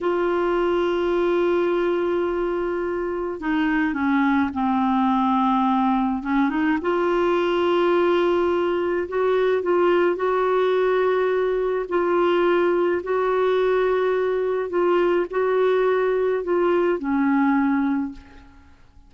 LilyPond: \new Staff \with { instrumentName = "clarinet" } { \time 4/4 \tempo 4 = 106 f'1~ | f'2 dis'4 cis'4 | c'2. cis'8 dis'8 | f'1 |
fis'4 f'4 fis'2~ | fis'4 f'2 fis'4~ | fis'2 f'4 fis'4~ | fis'4 f'4 cis'2 | }